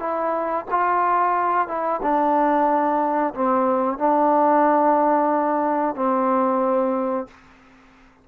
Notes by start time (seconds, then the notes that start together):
0.00 E4
0.71 F4
1.68 E4
2.02 D4
3.34 C4
3.99 D4
5.96 C4